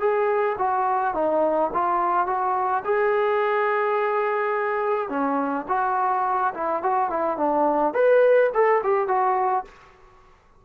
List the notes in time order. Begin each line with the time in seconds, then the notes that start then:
0.00 G#4
0.58 F#4
1.14 D#4
1.74 F4
2.27 F#4
2.85 G#4
5.09 C#4
5.69 F#4
6.55 E4
6.83 F#4
7.10 E4
7.37 D4
7.94 B4
8.54 A4
8.84 G4
9.08 F#4